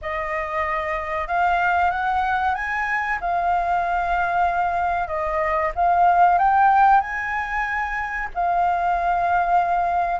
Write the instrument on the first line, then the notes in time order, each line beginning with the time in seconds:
flute
0.01 D#5
1.27 F5
1.91 F#5
2.54 G#5
3.20 F5
5.07 D#5
5.75 F5
6.38 G5
7.00 G#5
8.34 F5